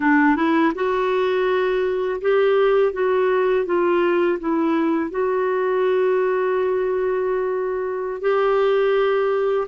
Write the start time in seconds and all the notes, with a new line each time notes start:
0.00 D4
0.36 E4
0.74 F#4
2.21 G4
2.92 F#4
3.65 F4
4.39 E4
5.10 F#4
8.21 G4